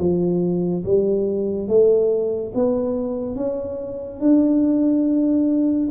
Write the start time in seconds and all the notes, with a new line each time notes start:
0.00 F3
0.85 G3
1.68 A3
2.55 B3
3.36 C#4
4.21 D4